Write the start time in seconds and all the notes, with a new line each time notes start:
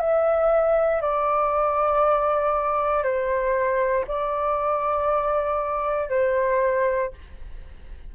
0.00 E5
1.02 D5
3.04 C5
4.08 D5
6.10 C5